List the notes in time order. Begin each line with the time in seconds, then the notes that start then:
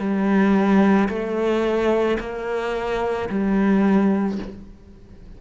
0.00 G3
1.09 A3
2.20 A#3
3.30 G3